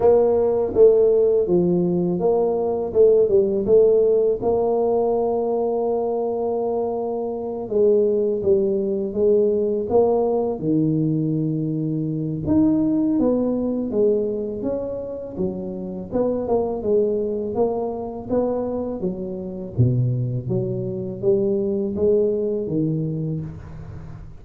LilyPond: \new Staff \with { instrumentName = "tuba" } { \time 4/4 \tempo 4 = 82 ais4 a4 f4 ais4 | a8 g8 a4 ais2~ | ais2~ ais8 gis4 g8~ | g8 gis4 ais4 dis4.~ |
dis4 dis'4 b4 gis4 | cis'4 fis4 b8 ais8 gis4 | ais4 b4 fis4 b,4 | fis4 g4 gis4 dis4 | }